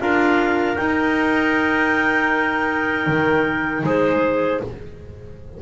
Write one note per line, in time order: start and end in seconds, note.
0.00 0.77 D4
0.00 0.77 F4
0.00 3.86 A#4
0.00 0.77 F5
0.77 4.62 D#4
0.77 3.07 D#4
0.77 3.84 G5
3.07 3.84 D#3
3.84 4.61 G#3
3.84 4.62 G#4
3.84 4.62 C5